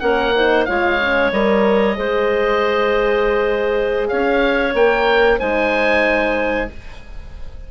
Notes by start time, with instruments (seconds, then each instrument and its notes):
0.00 bassoon A#3, horn C#4, clarinet A#4, oboe F#5
0.35 horn D#4, clarinet C5
0.65 bassoon G#3, horn F4, clarinet C#5, oboe F5
1.00 horn C#4
1.32 bassoon G3, horn A#4, oboe D#5
1.96 bassoon G#3, horn G#4, clarinet C5
4.08 bassoon C#4, clarinet C#5, oboe F5
4.74 bassoon A#3, horn A#4, oboe G5
5.38 bassoon G#3, horn D#4, clarinet C5, oboe G#5